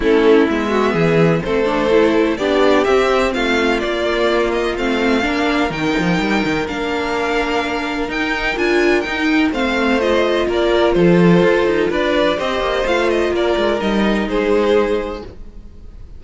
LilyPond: <<
  \new Staff \with { instrumentName = "violin" } { \time 4/4 \tempo 4 = 126 a'4 e''2 c''4~ | c''4 d''4 e''4 f''4 | d''4. dis''8 f''2 | g''2 f''2~ |
f''4 g''4 gis''4 g''4 | f''4 dis''4 d''4 c''4~ | c''4 d''4 dis''4 f''8 dis''8 | d''4 dis''4 c''2 | }
  \new Staff \with { instrumentName = "violin" } { \time 4/4 e'4. fis'8 gis'4 a'4~ | a'4 g'2 f'4~ | f'2. ais'4~ | ais'1~ |
ais'1 | c''2 ais'4 a'4~ | a'4 b'4 c''2 | ais'2 gis'2 | }
  \new Staff \with { instrumentName = "viola" } { \time 4/4 cis'4 b2 c'8 d'8 | e'4 d'4 c'2 | ais2 c'4 d'4 | dis'2 d'2~ |
d'4 dis'4 f'4 dis'4 | c'4 f'2.~ | f'2 g'4 f'4~ | f'4 dis'2. | }
  \new Staff \with { instrumentName = "cello" } { \time 4/4 a4 gis4 e4 a4~ | a4 b4 c'4 a4 | ais2 a4 ais4 | dis8 f8 g8 dis8 ais2~ |
ais4 dis'4 d'4 dis'4 | a2 ais4 f4 | f'8 dis'8 d'4 c'8 ais8 a4 | ais8 gis8 g4 gis2 | }
>>